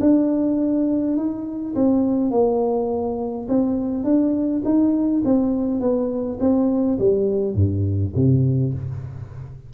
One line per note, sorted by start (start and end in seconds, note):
0.00 1.17 D4
1.17 1.75 D#4
1.75 2.31 C4
2.31 3.47 A#3
3.48 4.04 C4
4.04 4.62 D4
4.65 5.23 D#4
5.25 5.80 C4
5.80 6.38 B3
6.40 6.98 C4
6.99 7.55 G3
7.55 8.13 G2
8.16 8.74 C3